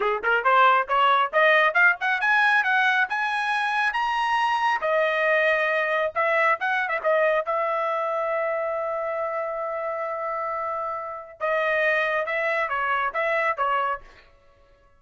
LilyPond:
\new Staff \with { instrumentName = "trumpet" } { \time 4/4 \tempo 4 = 137 gis'8 ais'8 c''4 cis''4 dis''4 | f''8 fis''8 gis''4 fis''4 gis''4~ | gis''4 ais''2 dis''4~ | dis''2 e''4 fis''8. e''16 |
dis''4 e''2.~ | e''1~ | e''2 dis''2 | e''4 cis''4 e''4 cis''4 | }